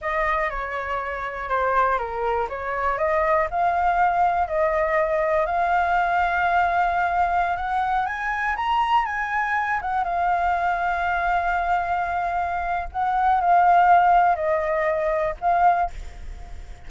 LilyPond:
\new Staff \with { instrumentName = "flute" } { \time 4/4 \tempo 4 = 121 dis''4 cis''2 c''4 | ais'4 cis''4 dis''4 f''4~ | f''4 dis''2 f''4~ | f''2.~ f''16 fis''8.~ |
fis''16 gis''4 ais''4 gis''4. fis''16~ | fis''16 f''2.~ f''8.~ | f''2 fis''4 f''4~ | f''4 dis''2 f''4 | }